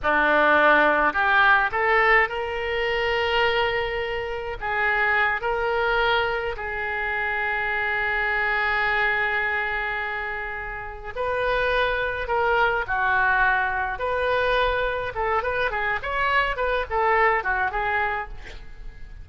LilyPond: \new Staff \with { instrumentName = "oboe" } { \time 4/4 \tempo 4 = 105 d'2 g'4 a'4 | ais'1 | gis'4. ais'2 gis'8~ | gis'1~ |
gis'2.~ gis'8 b'8~ | b'4. ais'4 fis'4.~ | fis'8 b'2 a'8 b'8 gis'8 | cis''4 b'8 a'4 fis'8 gis'4 | }